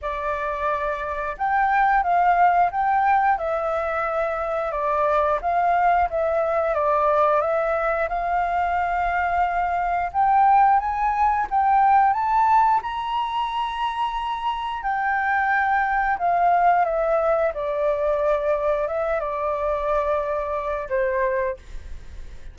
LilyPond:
\new Staff \with { instrumentName = "flute" } { \time 4/4 \tempo 4 = 89 d''2 g''4 f''4 | g''4 e''2 d''4 | f''4 e''4 d''4 e''4 | f''2. g''4 |
gis''4 g''4 a''4 ais''4~ | ais''2 g''2 | f''4 e''4 d''2 | e''8 d''2~ d''8 c''4 | }